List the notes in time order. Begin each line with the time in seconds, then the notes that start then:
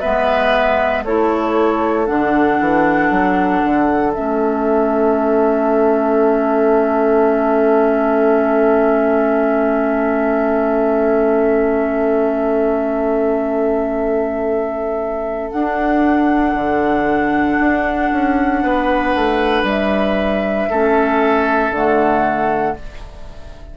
0.00 G#3 B3 B4 E5
1.05 A3 E4 A4 C#5
2.06 D3 D4 F#5
2.60 E3
3.11 F#3
3.64 D3
4.14 A3 C#4 E5
15.51 D4 F#5
16.55 D3
17.60 D4
18.12 C#4
18.63 B3 B4
19.16 A3
19.64 G3 E5
20.70 A3 C#4 A4
21.71 D3 A3 F#5